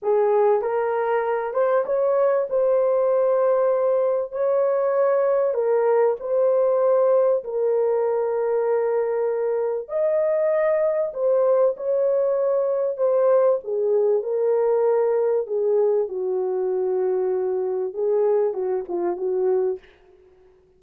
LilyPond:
\new Staff \with { instrumentName = "horn" } { \time 4/4 \tempo 4 = 97 gis'4 ais'4. c''8 cis''4 | c''2. cis''4~ | cis''4 ais'4 c''2 | ais'1 |
dis''2 c''4 cis''4~ | cis''4 c''4 gis'4 ais'4~ | ais'4 gis'4 fis'2~ | fis'4 gis'4 fis'8 f'8 fis'4 | }